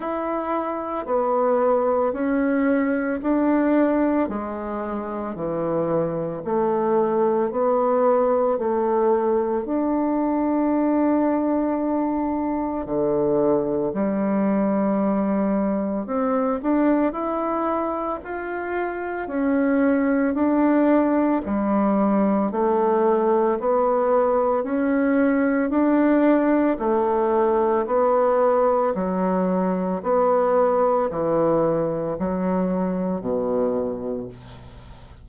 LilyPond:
\new Staff \with { instrumentName = "bassoon" } { \time 4/4 \tempo 4 = 56 e'4 b4 cis'4 d'4 | gis4 e4 a4 b4 | a4 d'2. | d4 g2 c'8 d'8 |
e'4 f'4 cis'4 d'4 | g4 a4 b4 cis'4 | d'4 a4 b4 fis4 | b4 e4 fis4 b,4 | }